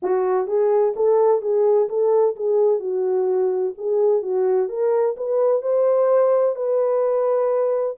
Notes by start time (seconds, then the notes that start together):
0.02 F#4
0.47 G#4
0.96 A4
1.41 G#4
1.89 A4
2.36 G#4
2.79 F#4
3.77 G#4
4.22 F#4
4.68 A#4
5.16 B4
5.61 C5
6.55 B4